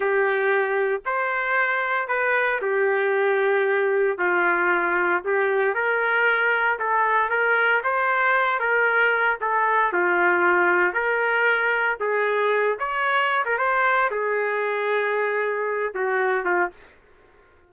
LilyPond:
\new Staff \with { instrumentName = "trumpet" } { \time 4/4 \tempo 4 = 115 g'2 c''2 | b'4 g'2. | f'2 g'4 ais'4~ | ais'4 a'4 ais'4 c''4~ |
c''8 ais'4. a'4 f'4~ | f'4 ais'2 gis'4~ | gis'8 cis''4~ cis''16 ais'16 c''4 gis'4~ | gis'2~ gis'8 fis'4 f'8 | }